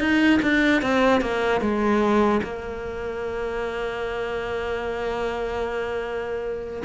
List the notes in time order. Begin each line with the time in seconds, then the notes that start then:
0.00 D#4
0.43 D4
0.82 C4
1.21 A#3
1.61 G#3
2.44 A#3